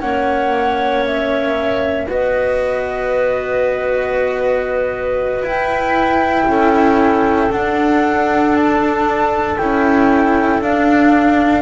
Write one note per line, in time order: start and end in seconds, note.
0.00 2.07 A#3
0.00 2.07 C#4
0.00 2.06 C#5
0.00 1.03 F#5
1.05 2.08 E5
2.06 5.42 B3
2.06 5.43 F#4
2.06 6.46 B4
2.06 5.45 D#5
5.42 6.45 E4
5.42 7.50 E4
5.42 7.52 G5
6.46 7.49 C#4
6.46 11.61 A4
7.50 9.56 D4
7.50 9.58 D4
7.50 8.55 F#5
8.55 9.57 A5
9.57 10.61 C#4
9.57 10.62 E4
9.57 10.61 G5
10.61 11.61 D4
10.61 11.61 F5